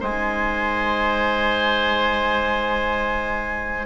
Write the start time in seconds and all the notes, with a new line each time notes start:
0.00 G#3 D#4 C5 G#5